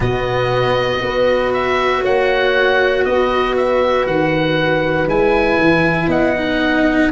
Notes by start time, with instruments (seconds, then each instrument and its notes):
0.00 tuba B2, cello B3, horn F#4, oboe D#5
0.99 tuba B3, cello F#4, horn B4
1.53 oboe E5
2.01 tuba A#3, horn C#5, oboe F#5
3.04 tuba B3, horn B4, oboe D#5
3.56 oboe E5
4.06 tuba D#3, oboe F#5
5.07 tuba G#3, cello E4, oboe G#5
5.59 tuba E3
6.07 tuba B3, horn D#5, oboe F#5
6.36 cello D#4